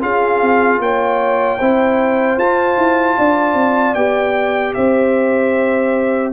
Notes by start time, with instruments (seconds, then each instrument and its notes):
0.00 tuba C#4, trombone F4, horn G#4, trumpet F5
0.41 tuba C4
0.78 tuba A#3, horn C#5, trumpet G5
1.58 tuba C4, trombone E4, horn C5
2.37 tuba F4, trombone F4, trumpet A5
2.77 tuba E4
3.17 tuba D4, horn D5
3.54 tuba C4
3.94 tuba B3, trombone G4, trumpet G5
4.74 tuba C4, horn C5, trumpet E5